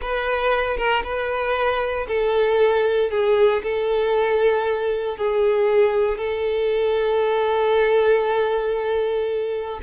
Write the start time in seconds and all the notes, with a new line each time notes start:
0.01 B4
0.77 A#4
1.03 B4
2.07 A4
3.10 G#4
3.63 A4
5.17 G#4
6.18 A4